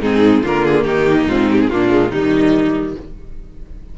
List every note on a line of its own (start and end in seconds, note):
0.00 0.42 G#2
0.00 0.44 C4
0.00 0.41 D#4
0.00 0.44 G#4
0.41 0.84 D3
0.41 1.28 A#3
0.41 0.84 F4
0.41 0.65 A#4
0.65 0.84 G#4
0.84 1.26 D#3
0.84 1.69 D#4
0.84 1.27 G4
1.27 1.69 G#2
1.27 1.70 C4
1.27 1.49 F4
1.51 1.60 G4
1.60 1.70 G#4
1.70 2.11 A#2
1.70 1.89 A#3
1.70 2.10 D4
1.70 2.12 F4
1.89 2.10 G#3
2.10 2.95 D#3
2.10 2.97 G3
2.10 2.94 D#4
2.10 2.98 D#4